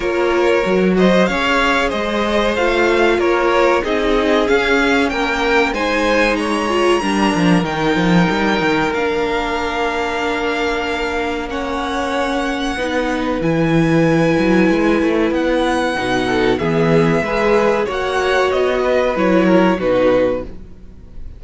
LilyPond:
<<
  \new Staff \with { instrumentName = "violin" } { \time 4/4 \tempo 4 = 94 cis''4. dis''8 f''4 dis''4 | f''4 cis''4 dis''4 f''4 | g''4 gis''4 ais''2 | g''2 f''2~ |
f''2 fis''2~ | fis''4 gis''2. | fis''2 e''2 | fis''4 dis''4 cis''4 b'4 | }
  \new Staff \with { instrumentName = "violin" } { \time 4/4 ais'4. c''8 cis''4 c''4~ | c''4 ais'4 gis'2 | ais'4 c''4 cis''4 ais'4~ | ais'1~ |
ais'2 cis''2 | b'1~ | b'4. a'8 gis'4 b'4 | cis''4. b'4 ais'8 fis'4 | }
  \new Staff \with { instrumentName = "viola" } { \time 4/4 f'4 fis'4 gis'2 | f'2 dis'4 cis'4~ | cis'4 dis'4. f'8 d'4 | dis'2 d'2~ |
d'2 cis'2 | dis'4 e'2.~ | e'4 dis'4 b4 gis'4 | fis'2 e'4 dis'4 | }
  \new Staff \with { instrumentName = "cello" } { \time 4/4 ais4 fis4 cis'4 gis4 | a4 ais4 c'4 cis'4 | ais4 gis2 g8 f8 | dis8 f8 g8 dis8 ais2~ |
ais1 | b4 e4. fis8 gis8 a8 | b4 b,4 e4 gis4 | ais4 b4 fis4 b,4 | }
>>